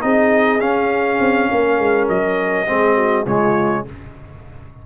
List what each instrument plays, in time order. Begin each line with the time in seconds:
0.00 tuba C4, trombone D#4, horn G#4, trumpet D#5
0.59 tuba C#4, trombone C#4, trumpet F5
1.20 tuba C4
1.51 tuba A#3, horn A#4
1.78 tuba G#3
2.08 tuba F#3, trumpet D#5
2.66 tuba G#3, trombone C4, horn G#4
2.94 horn F#4
3.25 tuba C#3, trombone G#3, horn F4, trumpet C#5